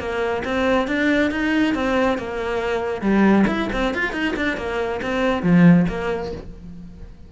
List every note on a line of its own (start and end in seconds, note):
0.00 0.43 A#3
0.45 0.88 C4
0.88 1.31 D4
1.32 1.75 D#4
1.75 2.18 C4
2.18 3.02 A#3
3.02 3.45 G3
3.48 3.69 E4
3.73 3.95 C4
3.95 4.13 F4
4.13 4.35 D#4
4.37 4.58 D4
4.58 5.01 A#3
5.03 5.43 C4
5.43 5.87 F3
5.89 6.33 A#3